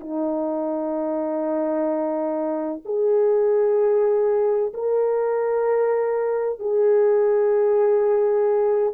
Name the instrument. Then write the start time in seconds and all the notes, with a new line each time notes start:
horn
0.00 D#4
2.85 G#4
4.73 A#4
6.59 G#4